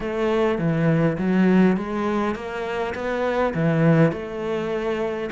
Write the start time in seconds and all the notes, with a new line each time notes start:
0.00 A3
0.58 E3
1.17 F#3
1.76 G#3
2.35 A#3
2.94 B3
3.54 E3
4.12 A3